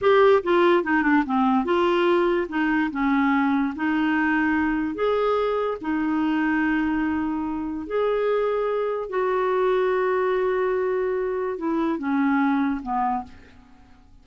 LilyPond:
\new Staff \with { instrumentName = "clarinet" } { \time 4/4 \tempo 4 = 145 g'4 f'4 dis'8 d'8 c'4 | f'2 dis'4 cis'4~ | cis'4 dis'2. | gis'2 dis'2~ |
dis'2. gis'4~ | gis'2 fis'2~ | fis'1 | e'4 cis'2 b4 | }